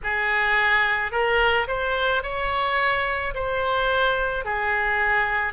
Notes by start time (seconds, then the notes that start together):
0.03 G#4
1.11 A#4
1.67 C5
2.22 C#5
3.34 C5
4.44 G#4